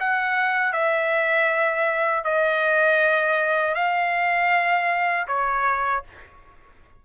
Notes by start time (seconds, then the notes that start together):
0.00 F#5
0.73 E5
2.24 D#5
3.75 F5
5.28 C#5